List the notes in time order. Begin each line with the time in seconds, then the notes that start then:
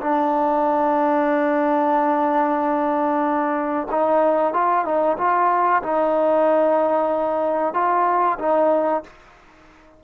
0.00 D4
3.91 D#4
4.53 F4
4.84 D#4
5.17 F4
5.82 D#4
7.73 F4
8.38 D#4